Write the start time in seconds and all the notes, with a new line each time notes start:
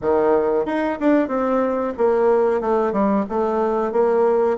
0.01 D#3
0.65 D#4
1.00 D4
1.28 C4
1.97 A#3
2.61 A3
2.92 G3
3.29 A3
3.92 A#3